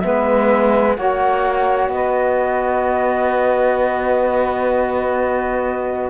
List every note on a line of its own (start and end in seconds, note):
0.00 0.98 G#3
0.00 0.96 B3
0.00 0.97 B4
0.00 0.94 E5
0.96 1.89 A#3
0.96 6.10 F#4
0.96 1.91 C#5
0.96 1.90 F#5
1.89 6.10 B3
1.89 6.10 B4
1.89 6.10 D#5